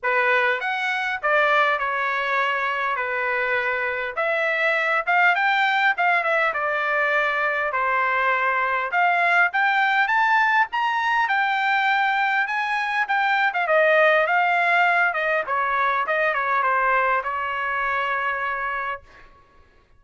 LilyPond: \new Staff \with { instrumentName = "trumpet" } { \time 4/4 \tempo 4 = 101 b'4 fis''4 d''4 cis''4~ | cis''4 b'2 e''4~ | e''8 f''8 g''4 f''8 e''8 d''4~ | d''4 c''2 f''4 |
g''4 a''4 ais''4 g''4~ | g''4 gis''4 g''8. f''16 dis''4 | f''4. dis''8 cis''4 dis''8 cis''8 | c''4 cis''2. | }